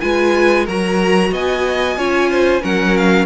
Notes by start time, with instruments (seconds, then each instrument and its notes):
0.00 cello G#3, viola F4, violin B4 G#5
0.65 cello F#3, viola F#4, violin A#4 A#5
1.32 cello B3, violin D#5 G#5
1.97 cello C#4, viola F4, violin C#5
2.30 violin C5
2.61 cello F#3, viola C#4, violin A#4 F#5
2.97 violin F5